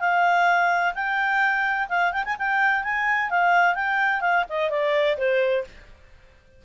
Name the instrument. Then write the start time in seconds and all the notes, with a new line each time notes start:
clarinet
0.00 F5
0.94 G5
1.89 F5
2.12 G5
2.25 G#5
2.38 G5
2.83 G#5
3.30 F5
3.75 G5
4.21 F5
4.49 D#5
4.70 D5
5.18 C5